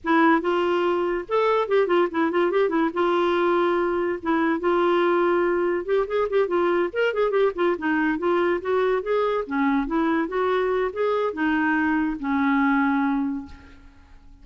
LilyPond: \new Staff \with { instrumentName = "clarinet" } { \time 4/4 \tempo 4 = 143 e'4 f'2 a'4 | g'8 f'8 e'8 f'8 g'8 e'8 f'4~ | f'2 e'4 f'4~ | f'2 g'8 gis'8 g'8 f'8~ |
f'8 ais'8 gis'8 g'8 f'8 dis'4 f'8~ | f'8 fis'4 gis'4 cis'4 e'8~ | e'8 fis'4. gis'4 dis'4~ | dis'4 cis'2. | }